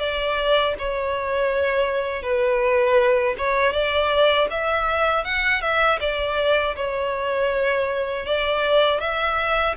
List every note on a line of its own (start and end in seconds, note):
0.00 0.75 D5
0.79 2.23 C#5
2.23 3.36 B4
3.38 3.73 C#5
3.73 4.48 D5
4.50 5.25 E5
5.25 5.62 F#5
5.62 5.99 E5
6.01 6.76 D5
6.76 8.26 C#5
8.26 9.01 D5
9.01 9.76 E5